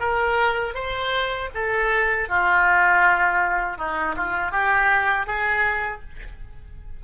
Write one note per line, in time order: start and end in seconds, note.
0.00 0.75 A#4
0.75 1.50 C5
1.55 2.29 A4
2.29 3.78 F4
3.78 4.16 D#4
4.17 4.52 F4
4.52 5.27 G4
5.27 6.02 G#4